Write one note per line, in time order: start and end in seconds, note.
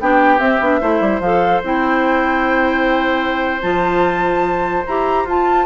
0.00 0.40 B3
0.00 0.39 D4
0.00 0.80 G4
0.00 0.39 G5
0.39 0.59 C4
0.39 0.60 C4
0.39 1.20 E5
0.60 0.80 B3
0.60 0.81 D4
0.80 1.00 A3
0.80 1.21 E4
0.80 5.66 C5
1.00 1.20 G3
1.20 1.60 F3
1.20 1.64 A4
1.20 1.61 F5
1.63 3.63 C4
1.63 3.61 E4
1.63 3.62 G5
3.61 4.84 F3
3.61 4.83 F4
3.61 4.83 A5
4.86 5.24 E4
4.86 5.28 G4
4.86 5.27 A#5
5.24 5.65 F4
5.24 5.66 F4
5.24 5.66 A5